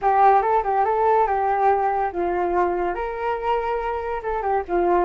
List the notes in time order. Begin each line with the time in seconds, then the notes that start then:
0.01 G4
0.42 A4
0.63 G4
0.85 A4
1.26 G4
2.12 F4
2.94 A#4
4.22 A4
4.42 G4
4.67 F4